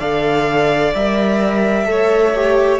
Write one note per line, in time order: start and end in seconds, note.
0.00 0.94 D3
0.00 0.94 A4
0.00 1.88 D5
0.00 0.94 F5
0.95 1.88 G3
0.95 1.86 A#4
0.95 2.80 E5
1.86 2.80 A3
1.86 2.32 A4
1.86 2.80 C#5
2.36 2.80 G4